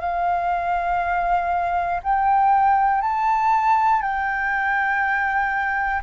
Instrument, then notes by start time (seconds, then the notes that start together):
flute
0.00 F5
2.03 G5
3.02 A5
4.02 G5